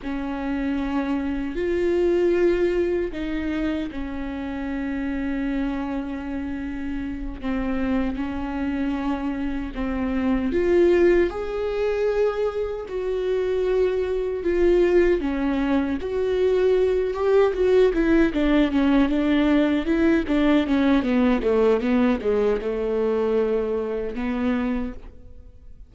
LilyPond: \new Staff \with { instrumentName = "viola" } { \time 4/4 \tempo 4 = 77 cis'2 f'2 | dis'4 cis'2.~ | cis'4. c'4 cis'4.~ | cis'8 c'4 f'4 gis'4.~ |
gis'8 fis'2 f'4 cis'8~ | cis'8 fis'4. g'8 fis'8 e'8 d'8 | cis'8 d'4 e'8 d'8 cis'8 b8 a8 | b8 gis8 a2 b4 | }